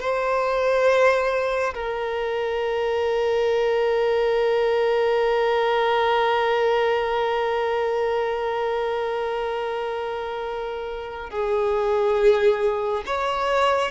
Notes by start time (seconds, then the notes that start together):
0.00 C5
1.74 A#4
11.30 G#4
13.06 C#5